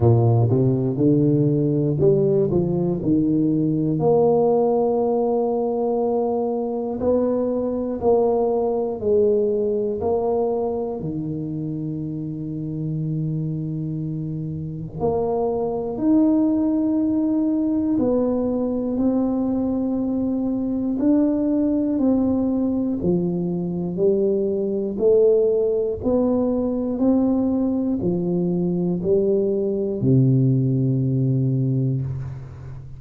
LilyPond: \new Staff \with { instrumentName = "tuba" } { \time 4/4 \tempo 4 = 60 ais,8 c8 d4 g8 f8 dis4 | ais2. b4 | ais4 gis4 ais4 dis4~ | dis2. ais4 |
dis'2 b4 c'4~ | c'4 d'4 c'4 f4 | g4 a4 b4 c'4 | f4 g4 c2 | }